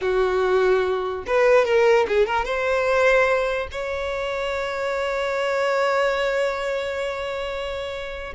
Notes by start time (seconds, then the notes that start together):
0.01 F#4
1.26 B4
1.65 A#4
2.08 G#4
2.26 A#4
2.45 C5
3.71 C#5